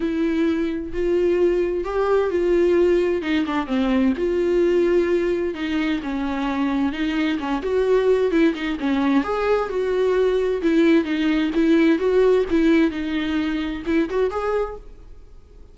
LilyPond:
\new Staff \with { instrumentName = "viola" } { \time 4/4 \tempo 4 = 130 e'2 f'2 | g'4 f'2 dis'8 d'8 | c'4 f'2. | dis'4 cis'2 dis'4 |
cis'8 fis'4. e'8 dis'8 cis'4 | gis'4 fis'2 e'4 | dis'4 e'4 fis'4 e'4 | dis'2 e'8 fis'8 gis'4 | }